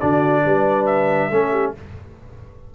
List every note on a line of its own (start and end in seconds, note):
0.00 0.45 D3
0.00 1.31 D4
0.00 0.43 F#4
0.00 0.86 D5
0.44 1.31 G3
0.44 1.30 B4
0.86 1.73 E5
1.30 1.74 A3
1.30 1.74 C#4
1.30 1.51 A4
1.51 1.73 G4